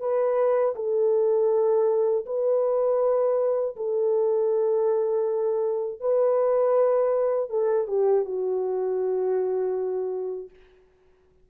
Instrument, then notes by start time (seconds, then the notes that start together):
horn
0.00 B4
0.76 A4
2.26 B4
3.76 A4
6.00 B4
7.50 A4
7.88 G4
8.25 F#4